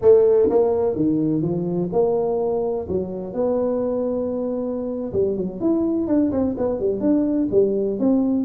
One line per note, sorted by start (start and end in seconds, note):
0.01 0.49 A3
0.49 0.95 A#3
0.95 1.42 D#3
1.42 1.89 F3
1.92 2.87 A#3
2.88 3.33 F#3
3.33 5.12 B3
5.12 5.36 G3
5.36 5.60 F#3
5.60 6.07 E4
6.07 6.31 D4
6.31 6.55 C4
6.57 6.79 B3
6.79 7.00 G3
7.00 7.48 D4
7.51 7.99 G3
7.99 8.44 C4